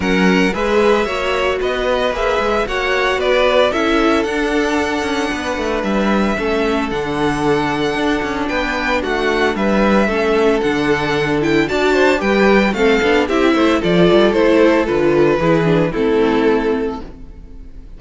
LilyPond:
<<
  \new Staff \with { instrumentName = "violin" } { \time 4/4 \tempo 4 = 113 fis''4 e''2 dis''4 | e''4 fis''4 d''4 e''4 | fis''2. e''4~ | e''4 fis''2. |
g''4 fis''4 e''2 | fis''4. g''8 a''4 g''4 | f''4 e''4 d''4 c''4 | b'2 a'2 | }
  \new Staff \with { instrumentName = "violin" } { \time 4/4 ais'4 b'4 cis''4 b'4~ | b'4 cis''4 b'4 a'4~ | a'2 b'2 | a'1 |
b'4 fis'4 b'4 a'4~ | a'2 d''8 c''8 b'4 | a'4 g'8 c''8 a'2~ | a'4 gis'4 e'2 | }
  \new Staff \with { instrumentName = "viola" } { \time 4/4 cis'4 gis'4 fis'2 | gis'4 fis'2 e'4 | d'1 | cis'4 d'2.~ |
d'2. cis'4 | d'4. e'8 fis'4 g'4 | c'8 d'8 e'4 f'4 e'4 | f'4 e'8 d'8 c'2 | }
  \new Staff \with { instrumentName = "cello" } { \time 4/4 fis4 gis4 ais4 b4 | ais8 gis8 ais4 b4 cis'4 | d'4. cis'8 b8 a8 g4 | a4 d2 d'8 cis'8 |
b4 a4 g4 a4 | d2 d'4 g4 | a8 b8 c'8 a8 f8 g8 a4 | d4 e4 a2 | }
>>